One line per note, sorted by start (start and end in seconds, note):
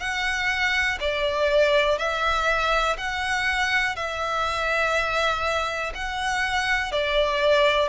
0.00 0.98 F#5
1.00 1.99 D5
1.99 2.97 E5
2.98 3.96 F#5
3.96 5.93 E5
5.95 6.92 F#5
6.92 7.89 D5